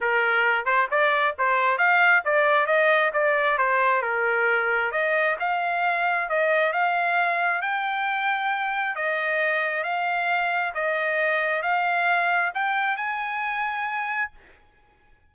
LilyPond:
\new Staff \with { instrumentName = "trumpet" } { \time 4/4 \tempo 4 = 134 ais'4. c''8 d''4 c''4 | f''4 d''4 dis''4 d''4 | c''4 ais'2 dis''4 | f''2 dis''4 f''4~ |
f''4 g''2. | dis''2 f''2 | dis''2 f''2 | g''4 gis''2. | }